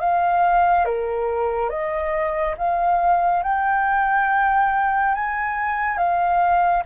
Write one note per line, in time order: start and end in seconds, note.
0.00 0.85 F5
0.85 1.69 A#4
1.69 2.55 D#5
2.57 3.43 F5
3.43 5.14 G5
5.14 5.98 G#5
5.98 6.83 F5